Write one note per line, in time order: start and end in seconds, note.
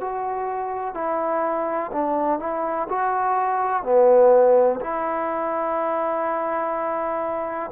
0.00 0.94 F#4
0.94 1.91 E4
1.92 2.39 D4
2.39 2.88 E4
2.89 3.83 F#4
3.83 4.80 B3
4.81 7.71 E4